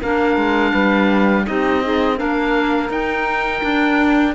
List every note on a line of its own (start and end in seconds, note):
0.00 0.37 A#3
0.00 1.46 D4
0.00 0.72 A#4
0.00 1.47 F5
0.37 0.73 G#3
0.72 1.46 G3
0.72 1.44 B4
1.46 2.21 C4
1.46 1.82 D#4
1.46 1.83 G4
1.46 2.19 D#5
1.83 2.18 D#4
1.83 2.17 G#4
2.17 2.90 A#3
2.17 2.89 D4
2.17 4.35 A#4
2.17 2.91 F5
2.90 3.62 D#4
2.90 3.61 D#4
2.90 4.35 G5
3.61 4.34 D4
3.61 4.35 D4